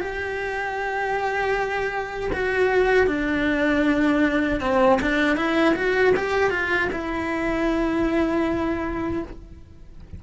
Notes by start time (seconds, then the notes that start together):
0.00 G4
2.33 F#4
3.06 D4
4.60 C4
5.01 D4
5.36 E4
5.75 F#4
6.16 G4
6.50 F4
6.92 E4